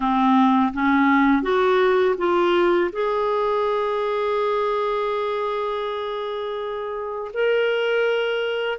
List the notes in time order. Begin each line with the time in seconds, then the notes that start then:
0.00 C4
0.73 C#4
1.42 F#4
2.17 F4
2.92 G#4
7.33 A#4